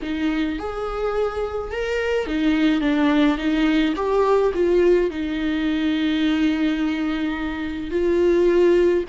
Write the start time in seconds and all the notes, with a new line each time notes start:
0.02 D#4
0.58 G#4
1.71 A#4
2.26 D#4
2.80 D4
3.37 D#4
3.95 G4
4.53 F4
5.10 D#4
7.90 F4